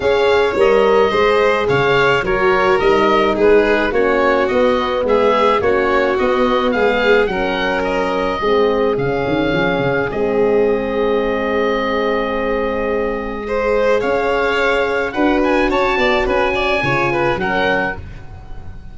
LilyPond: <<
  \new Staff \with { instrumentName = "oboe" } { \time 4/4 \tempo 4 = 107 f''4 dis''2 f''4 | cis''4 dis''4 b'4 cis''4 | dis''4 e''4 cis''4 dis''4 | f''4 fis''4 dis''2 |
f''2 dis''2~ | dis''1~ | dis''4 f''2 fis''8 gis''8 | a''4 gis''2 fis''4 | }
  \new Staff \with { instrumentName = "violin" } { \time 4/4 cis''2 c''4 cis''4 | ais'2 gis'4 fis'4~ | fis'4 gis'4 fis'2 | gis'4 ais'2 gis'4~ |
gis'1~ | gis'1 | c''4 cis''2 b'4 | cis''8 d''8 b'8 d''8 cis''8 b'8 ais'4 | }
  \new Staff \with { instrumentName = "horn" } { \time 4/4 gis'4 ais'4 gis'2 | fis'4 dis'2 cis'4 | b2 cis'4 b4~ | b4 cis'2 c'4 |
cis'2 c'2~ | c'1 | gis'2. fis'4~ | fis'2 f'4 cis'4 | }
  \new Staff \with { instrumentName = "tuba" } { \time 4/4 cis'4 g4 gis4 cis4 | fis4 g4 gis4 ais4 | b4 gis4 ais4 b4 | gis4 fis2 gis4 |
cis8 dis8 f8 cis8 gis2~ | gis1~ | gis4 cis'2 d'4 | cis'8 b8 cis'4 cis4 fis4 | }
>>